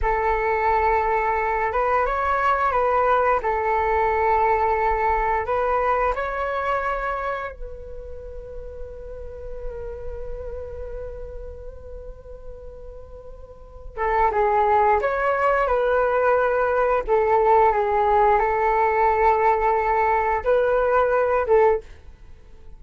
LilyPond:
\new Staff \with { instrumentName = "flute" } { \time 4/4 \tempo 4 = 88 a'2~ a'8 b'8 cis''4 | b'4 a'2. | b'4 cis''2 b'4~ | b'1~ |
b'1~ | b'8 a'8 gis'4 cis''4 b'4~ | b'4 a'4 gis'4 a'4~ | a'2 b'4. a'8 | }